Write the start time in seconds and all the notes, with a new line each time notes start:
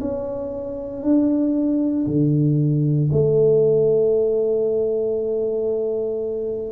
0.00 C#4
1.03 D4
2.06 D3
3.12 A3